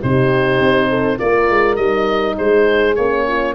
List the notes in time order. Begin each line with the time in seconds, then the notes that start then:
0.00 C3 D#4 G4 C5
0.59 C4
0.89 A4
1.17 A#3 F4 A#4 D5
1.49 G#3
1.75 G3 D#4 D#5
2.37 G#3 G#4 C5
2.95 A#3 C#4 C#5
3.27 F4